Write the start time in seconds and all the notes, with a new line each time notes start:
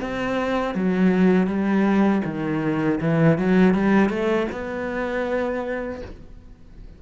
0.00 C4
0.74 F#3
1.47 G3
2.24 D#3
3.00 E3
3.38 F#3
3.74 G3
4.09 A3
4.51 B3